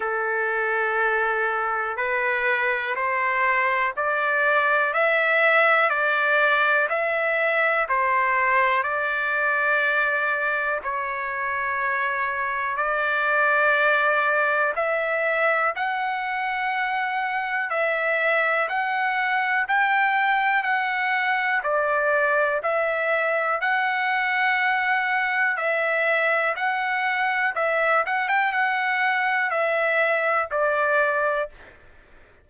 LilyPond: \new Staff \with { instrumentName = "trumpet" } { \time 4/4 \tempo 4 = 61 a'2 b'4 c''4 | d''4 e''4 d''4 e''4 | c''4 d''2 cis''4~ | cis''4 d''2 e''4 |
fis''2 e''4 fis''4 | g''4 fis''4 d''4 e''4 | fis''2 e''4 fis''4 | e''8 fis''16 g''16 fis''4 e''4 d''4 | }